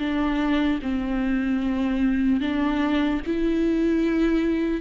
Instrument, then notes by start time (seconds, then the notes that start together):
viola
0.00 D4
0.83 C4
2.41 D4
3.27 E4